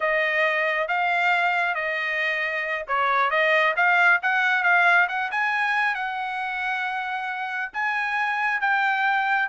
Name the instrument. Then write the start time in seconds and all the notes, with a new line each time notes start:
trumpet
0.00 D#5
0.87 F5
1.74 D#5
2.87 C#5
3.30 D#5
3.76 F5
4.22 F#5
4.63 F5
5.08 F#5
5.31 G#5
5.95 F#5
7.73 G#5
8.60 G5